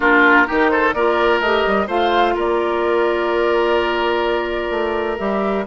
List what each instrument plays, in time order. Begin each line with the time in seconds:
0.00 bassoon A#3, clarinet D4, oboe F4, flute A#4
0.45 bassoon D#3, clarinet D#4, oboe G4
0.69 oboe A4, flute C5
0.93 bassoon A#3, clarinet F4, oboe A#4, flute D5
1.40 bassoon A3, clarinet G4, flute D#5
1.66 bassoon G3
1.87 bassoon A3, clarinet F4, oboe C5, flute F5
2.35 bassoon A#3, oboe A#4, flute D5
4.70 bassoon A3
5.18 bassoon G3, clarinet G4, flute E5